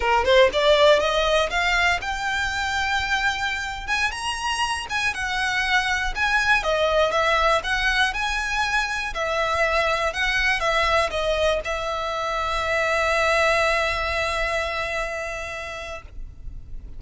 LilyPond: \new Staff \with { instrumentName = "violin" } { \time 4/4 \tempo 4 = 120 ais'8 c''8 d''4 dis''4 f''4 | g''2.~ g''8. gis''16~ | gis''16 ais''4. gis''8 fis''4.~ fis''16~ | fis''16 gis''4 dis''4 e''4 fis''8.~ |
fis''16 gis''2 e''4.~ e''16~ | e''16 fis''4 e''4 dis''4 e''8.~ | e''1~ | e''1 | }